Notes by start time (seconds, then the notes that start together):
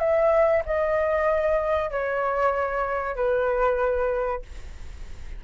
0.00 E5
0.66 D#5
1.91 C#5
3.16 B4